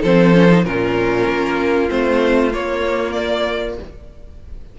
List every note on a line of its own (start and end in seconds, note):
0.00 0.65 F3
0.00 0.33 C4
0.00 0.62 A4
0.00 0.64 C5
0.33 0.49 C#4
0.49 0.65 D#4
0.64 1.27 A#2
0.64 1.88 C#4
0.64 3.79 F4
0.64 1.89 A#4
1.27 1.89 A#3
1.88 2.53 A3
1.88 2.51 C4
1.88 2.52 C5
2.52 3.77 A#3
2.52 3.78 A#3
2.52 3.12 C#5
3.12 3.75 D5